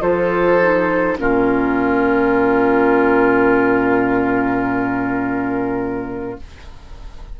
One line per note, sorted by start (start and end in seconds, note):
0.00 1.17 F3
0.00 0.58 F4
0.00 1.17 A4
0.00 1.17 C5
0.62 1.17 D#4
1.17 6.38 A#2
1.17 6.37 C#4
1.17 6.40 F4
1.17 6.39 A#4